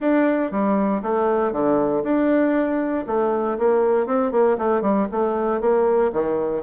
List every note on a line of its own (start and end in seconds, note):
0.00 0.51 D4
0.51 1.01 G3
1.02 1.52 A3
1.52 2.03 D3
2.03 3.05 D4
3.06 3.57 A3
3.58 4.06 A#3
4.06 4.31 C4
4.31 4.57 A#3
4.57 4.81 A3
4.81 5.07 G3
5.11 5.60 A3
5.60 6.11 A#3
6.12 6.63 D#3